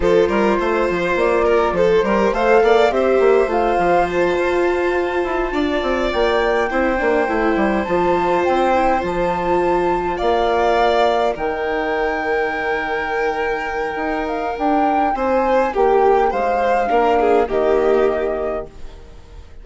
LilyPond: <<
  \new Staff \with { instrumentName = "flute" } { \time 4/4 \tempo 4 = 103 c''2 d''4 c''4 | f''4 e''4 f''4 a''4~ | a''2~ a''8 g''4.~ | g''4. a''4 g''4 a''8~ |
a''4. f''2 g''8~ | g''1~ | g''8 f''8 g''4 gis''4 g''4 | f''2 dis''2 | }
  \new Staff \with { instrumentName = "violin" } { \time 4/4 a'8 ais'8 c''4. ais'8 a'8 ais'8 | c''8 d''8 c''2.~ | c''4. d''2 c''8~ | c''1~ |
c''4. d''2 ais'8~ | ais'1~ | ais'2 c''4 g'4 | c''4 ais'8 gis'8 g'2 | }
  \new Staff \with { instrumentName = "viola" } { \time 4/4 f'2.~ f'8 g'8 | a'4 g'4 f'2~ | f'2.~ f'8 e'8 | d'8 e'4 f'4. e'8 f'8~ |
f'2.~ f'8 dis'8~ | dis'1~ | dis'1~ | dis'4 d'4 ais2 | }
  \new Staff \with { instrumentName = "bassoon" } { \time 4/4 f8 g8 a8 f8 ais4 f8 g8 | a8 ais8 c'8 ais8 a8 f4 f'8~ | f'4 e'8 d'8 c'8 ais4 c'8 | ais8 a8 g8 f4 c'4 f8~ |
f4. ais2 dis8~ | dis1 | dis'4 d'4 c'4 ais4 | gis4 ais4 dis2 | }
>>